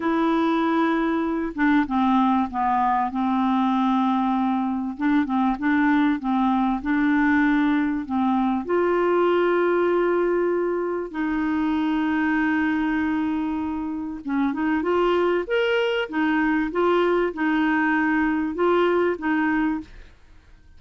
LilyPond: \new Staff \with { instrumentName = "clarinet" } { \time 4/4 \tempo 4 = 97 e'2~ e'8 d'8 c'4 | b4 c'2. | d'8 c'8 d'4 c'4 d'4~ | d'4 c'4 f'2~ |
f'2 dis'2~ | dis'2. cis'8 dis'8 | f'4 ais'4 dis'4 f'4 | dis'2 f'4 dis'4 | }